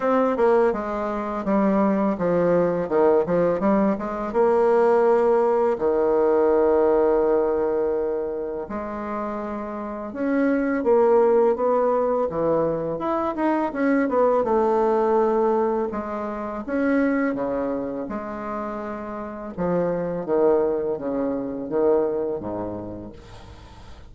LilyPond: \new Staff \with { instrumentName = "bassoon" } { \time 4/4 \tempo 4 = 83 c'8 ais8 gis4 g4 f4 | dis8 f8 g8 gis8 ais2 | dis1 | gis2 cis'4 ais4 |
b4 e4 e'8 dis'8 cis'8 b8 | a2 gis4 cis'4 | cis4 gis2 f4 | dis4 cis4 dis4 gis,4 | }